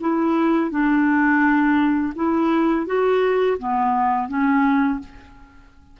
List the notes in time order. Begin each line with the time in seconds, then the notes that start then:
0.00 E4
0.70 D4
2.15 E4
2.86 F#4
3.58 B3
4.28 C#4